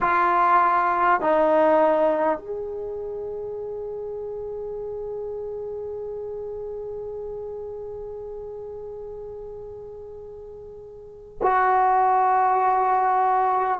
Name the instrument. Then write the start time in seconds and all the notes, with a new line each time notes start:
trombone
0.01 F4
1.21 D#4
2.38 G#4
11.41 F#4